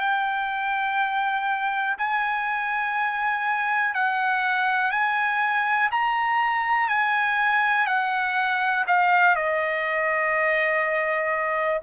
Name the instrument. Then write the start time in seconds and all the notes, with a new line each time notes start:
trumpet
0.00 G5
1.98 G#5
3.94 F#5
4.91 G#5
5.92 A#5
6.89 G#5
7.86 F#5
8.87 F5
9.35 D#5